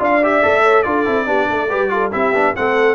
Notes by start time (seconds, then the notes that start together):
0.00 D4 F4 D5 F5
0.23 G4 E5
0.43 A3 A4
0.63 C#5
0.83 D4 F4 A4 D5
1.06 C4 E4
1.26 B3 D4 G4
1.50 A3 A4
1.70 G3 G4 B4
1.90 F4 A4
2.12 C4 E4 G4 E5
2.33 B3 D4
2.56 A3 C4 A4 F#5